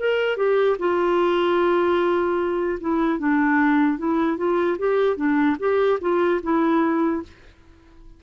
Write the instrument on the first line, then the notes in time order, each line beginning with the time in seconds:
clarinet
0.00 A#4
0.37 G4
0.79 F4
2.81 E4
3.19 D4
3.99 E4
4.37 F4
4.79 G4
5.17 D4
5.60 G4
6.01 F4
6.43 E4